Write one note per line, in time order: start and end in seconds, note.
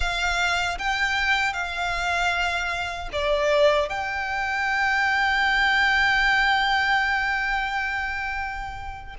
0.00 0.78 F5
0.78 1.53 G5
1.53 3.09 F5
3.12 3.89 D5
3.89 9.15 G5